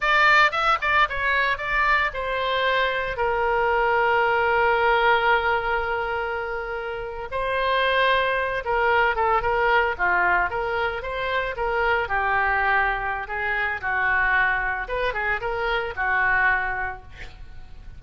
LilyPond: \new Staff \with { instrumentName = "oboe" } { \time 4/4 \tempo 4 = 113 d''4 e''8 d''8 cis''4 d''4 | c''2 ais'2~ | ais'1~ | ais'4.~ ais'16 c''2~ c''16~ |
c''16 ais'4 a'8 ais'4 f'4 ais'16~ | ais'8. c''4 ais'4 g'4~ g'16~ | g'4 gis'4 fis'2 | b'8 gis'8 ais'4 fis'2 | }